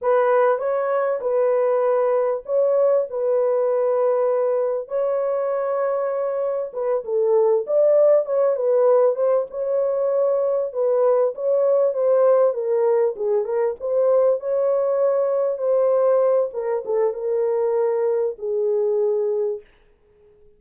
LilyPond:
\new Staff \with { instrumentName = "horn" } { \time 4/4 \tempo 4 = 98 b'4 cis''4 b'2 | cis''4 b'2. | cis''2. b'8 a'8~ | a'8 d''4 cis''8 b'4 c''8 cis''8~ |
cis''4. b'4 cis''4 c''8~ | c''8 ais'4 gis'8 ais'8 c''4 cis''8~ | cis''4. c''4. ais'8 a'8 | ais'2 gis'2 | }